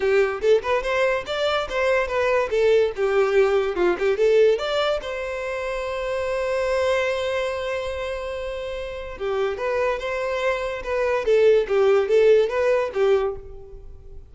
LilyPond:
\new Staff \with { instrumentName = "violin" } { \time 4/4 \tempo 4 = 144 g'4 a'8 b'8 c''4 d''4 | c''4 b'4 a'4 g'4~ | g'4 f'8 g'8 a'4 d''4 | c''1~ |
c''1~ | c''2 g'4 b'4 | c''2 b'4 a'4 | g'4 a'4 b'4 g'4 | }